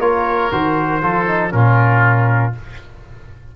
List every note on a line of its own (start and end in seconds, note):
0.00 0.51 A#3
0.00 0.52 F4
0.00 1.02 A#4
0.00 0.52 C#5
0.52 1.03 D#3
0.52 1.01 F#4
0.52 1.52 C5
1.01 1.53 F3
1.01 1.27 F4
1.01 1.54 A4
1.28 1.51 D#4
1.51 2.55 A#2
1.51 2.53 C#4
1.51 2.56 F4
1.51 2.53 A#4